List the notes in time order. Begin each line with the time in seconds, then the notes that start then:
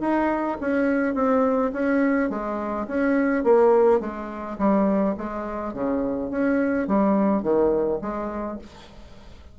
0.00 D#4
0.61 C#4
1.14 C4
1.72 C#4
2.29 G#3
2.87 C#4
3.44 A#3
4.00 G#3
4.58 G3
5.17 G#3
5.73 C#3
6.30 C#4
6.87 G3
7.42 D#3
8.01 G#3